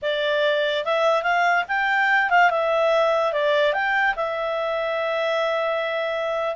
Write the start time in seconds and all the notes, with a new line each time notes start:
0.02 D5
0.84 E5
1.22 F5
1.68 G5
2.30 F5
2.50 E5
3.32 D5
3.73 G5
4.16 E5